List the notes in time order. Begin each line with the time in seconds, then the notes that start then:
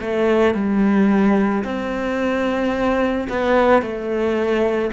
0.00 A3
0.54 G3
1.64 C4
3.29 B3
3.82 A3